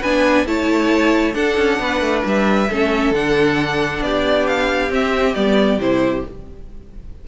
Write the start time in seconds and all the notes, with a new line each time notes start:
0.00 B3 D4 B4 G#5
0.46 A3 E4 C#5 A5
1.33 D4 A4 F#5
1.57 C#4
1.79 B3 B4
2.01 A3
2.25 G3 E5
2.70 A3 C#4 A4
3.11 D3 D4 F#5
4.01 B3 G4 D5
4.47 F5
4.90 C4 E5
5.34 G3 B3 D5
5.78 C3 E4 C5